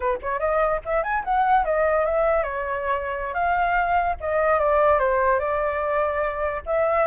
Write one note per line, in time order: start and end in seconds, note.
0.00 0.18 B4
0.22 0.39 C#5
0.39 0.80 D#5
0.85 1.03 E5
1.03 1.23 G#5
1.24 1.64 F#5
1.64 2.05 D#5
2.05 2.43 E5
2.43 3.34 C#5
3.34 4.15 F5
4.20 4.59 D#5
4.59 4.99 D5
4.99 5.39 C5
5.39 6.61 D5
6.65 7.06 E5